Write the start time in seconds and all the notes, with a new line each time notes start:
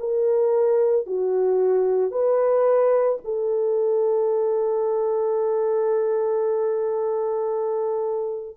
0.00 A#4
1.07 F#4
2.11 B4
3.25 A4